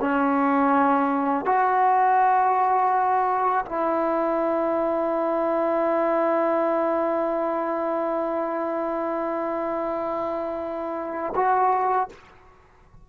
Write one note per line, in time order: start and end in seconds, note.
0.00 1.46 C#4
1.46 3.65 F#4
3.66 11.34 E4
11.35 12.09 F#4